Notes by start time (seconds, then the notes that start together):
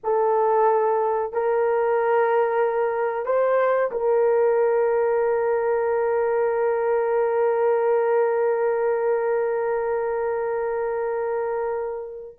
0.03 A4
1.33 A#4
3.25 C5
3.91 A#4